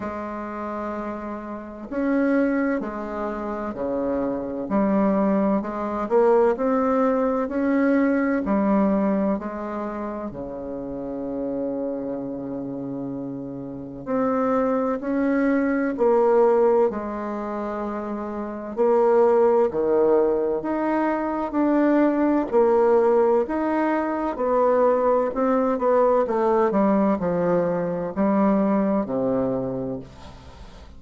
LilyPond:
\new Staff \with { instrumentName = "bassoon" } { \time 4/4 \tempo 4 = 64 gis2 cis'4 gis4 | cis4 g4 gis8 ais8 c'4 | cis'4 g4 gis4 cis4~ | cis2. c'4 |
cis'4 ais4 gis2 | ais4 dis4 dis'4 d'4 | ais4 dis'4 b4 c'8 b8 | a8 g8 f4 g4 c4 | }